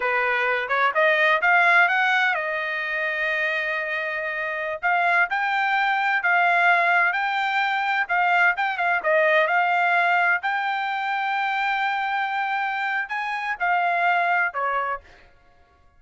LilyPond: \new Staff \with { instrumentName = "trumpet" } { \time 4/4 \tempo 4 = 128 b'4. cis''8 dis''4 f''4 | fis''4 dis''2.~ | dis''2~ dis''16 f''4 g''8.~ | g''4~ g''16 f''2 g''8.~ |
g''4~ g''16 f''4 g''8 f''8 dis''8.~ | dis''16 f''2 g''4.~ g''16~ | g''1 | gis''4 f''2 cis''4 | }